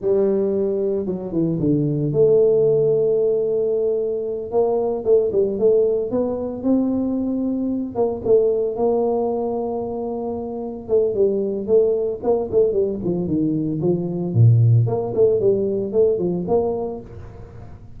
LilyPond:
\new Staff \with { instrumentName = "tuba" } { \time 4/4 \tempo 4 = 113 g2 fis8 e8 d4 | a1~ | a8 ais4 a8 g8 a4 b8~ | b8 c'2~ c'8 ais8 a8~ |
a8 ais2.~ ais8~ | ais8 a8 g4 a4 ais8 a8 | g8 f8 dis4 f4 ais,4 | ais8 a8 g4 a8 f8 ais4 | }